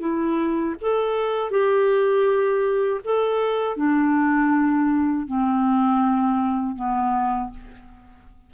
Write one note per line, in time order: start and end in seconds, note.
0.00 0.75 E4
0.81 1.51 A4
1.51 3.01 G4
3.04 3.76 A4
3.76 5.26 D4
5.26 6.75 C4
6.75 7.50 B3